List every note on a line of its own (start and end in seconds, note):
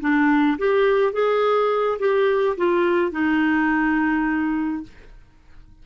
0.00 0.57 D4
0.58 1.12 G4
1.12 1.98 G#4
1.99 2.56 G4
2.57 3.11 F4
3.11 4.83 D#4